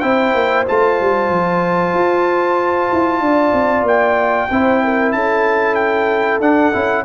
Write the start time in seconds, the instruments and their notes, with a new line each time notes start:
0.00 tuba C4, trombone E4, horn C5, trumpet G5
0.34 tuba A#3
0.66 tuba A3, trombone F4, trumpet A5
1.01 tuba G3
1.30 tuba F3
1.94 tuba F4
2.92 tuba E4
3.20 tuba D4, horn D5
3.53 tuba C4
3.82 tuba A#3, trumpet G5
4.50 tuba C4, trombone E4, horn C5
4.84 horn A#4
5.12 tuba C#4, horn A4, trumpet A5
5.75 trumpet G5
6.40 tuba D4, trombone D4, trumpet F#5
6.73 tuba C#4, trombone E4